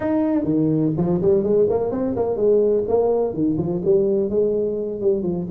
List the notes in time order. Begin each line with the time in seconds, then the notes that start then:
0.00 D#4
0.44 D#3
0.97 F3
1.21 G3
1.43 G#3
1.69 A#3
1.91 C4
2.16 A#3
2.36 G#3
2.88 A#3
3.33 D#3
3.57 F3
3.84 G3
4.29 G#3
5.01 G3
5.23 F3